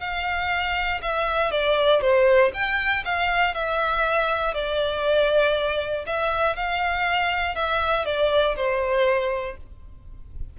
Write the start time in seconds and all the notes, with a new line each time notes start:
0.00 F5
1.02 E5
1.51 D5
2.01 C5
2.53 G5
3.05 F5
3.54 E5
4.54 D5
6.06 E5
6.56 F5
7.55 E5
8.05 D5
8.56 C5